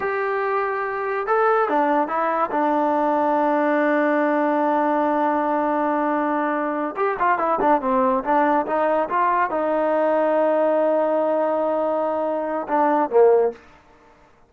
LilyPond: \new Staff \with { instrumentName = "trombone" } { \time 4/4 \tempo 4 = 142 g'2. a'4 | d'4 e'4 d'2~ | d'1~ | d'1~ |
d'8 g'8 f'8 e'8 d'8 c'4 d'8~ | d'8 dis'4 f'4 dis'4.~ | dis'1~ | dis'2 d'4 ais4 | }